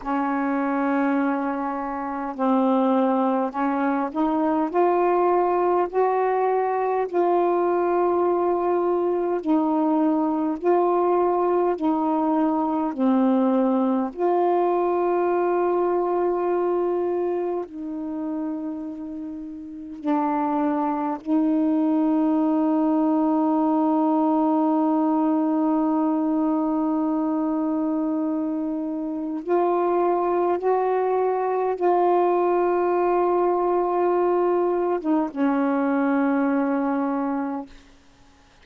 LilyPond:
\new Staff \with { instrumentName = "saxophone" } { \time 4/4 \tempo 4 = 51 cis'2 c'4 cis'8 dis'8 | f'4 fis'4 f'2 | dis'4 f'4 dis'4 c'4 | f'2. dis'4~ |
dis'4 d'4 dis'2~ | dis'1~ | dis'4 f'4 fis'4 f'4~ | f'4.~ f'16 dis'16 cis'2 | }